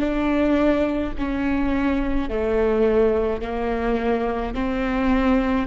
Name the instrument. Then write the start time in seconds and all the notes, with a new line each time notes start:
viola
0.00 D4
1.18 C#4
2.30 A3
3.42 A#3
4.55 C4